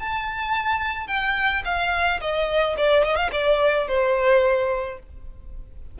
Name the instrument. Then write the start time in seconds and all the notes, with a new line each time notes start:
violin
0.00 A5
1.08 G5
1.65 F5
2.21 D#5
2.78 D5
3.04 D#5
3.16 F5
3.32 D5
3.88 C5